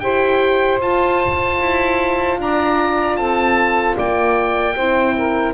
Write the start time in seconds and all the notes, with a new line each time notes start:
0.00 E4 G4 C5 G5
0.81 F4 A5
1.61 E4
2.39 D4 D5 A#5
3.17 C4 A4 A5
3.96 A#3 D5 G5
4.76 C4 E4 C5
5.18 A#4